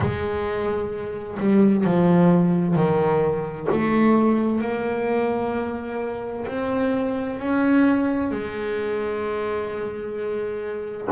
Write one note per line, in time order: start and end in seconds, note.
0.00 1.38 G#3
1.39 1.84 G3
1.84 2.75 F3
2.75 3.68 D#3
3.71 4.61 A3
4.61 6.46 A#3
6.46 7.38 C4
7.38 8.31 C#4
8.31 11.08 G#3